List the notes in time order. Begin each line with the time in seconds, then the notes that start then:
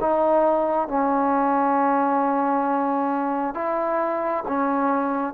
0.00 D#4
0.88 C#4
3.54 E4
4.48 C#4